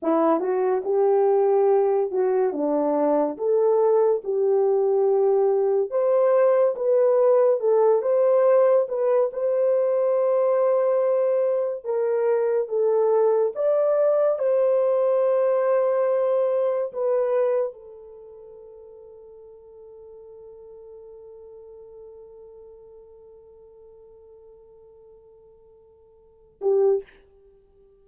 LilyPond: \new Staff \with { instrumentName = "horn" } { \time 4/4 \tempo 4 = 71 e'8 fis'8 g'4. fis'8 d'4 | a'4 g'2 c''4 | b'4 a'8 c''4 b'8 c''4~ | c''2 ais'4 a'4 |
d''4 c''2. | b'4 a'2.~ | a'1~ | a'2.~ a'8 g'8 | }